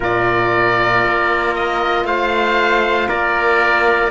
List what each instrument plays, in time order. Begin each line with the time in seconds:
0.00 cello A#2, horn F4, trumpet A#4, oboe D5
1.05 cello A#3
1.55 oboe D#5
2.04 cello A3, trumpet C5, oboe F5
3.08 cello A#3, trumpet A#4, oboe D5